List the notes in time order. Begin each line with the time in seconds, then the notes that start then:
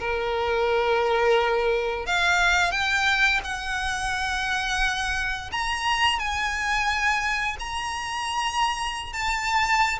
0.00 A#4
2.07 F5
2.72 G5
3.44 F#5
5.52 A#5
6.19 G#5
7.60 A#5
9.13 A5